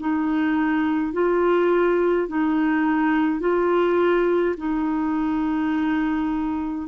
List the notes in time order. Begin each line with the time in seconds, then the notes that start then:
0.00 D#4
1.13 F4
2.28 D#4
3.40 F4
4.57 D#4